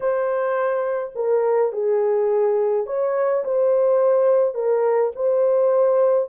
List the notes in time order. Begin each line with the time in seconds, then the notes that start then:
0.00 C5
1.15 A#4
1.72 G#4
2.86 C#5
3.44 C5
4.54 A#4
5.15 C5